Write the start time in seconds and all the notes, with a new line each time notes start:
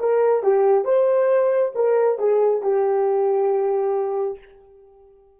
0.00 A#4
0.43 G4
0.84 C5
1.75 A#4
2.18 G#4
2.62 G4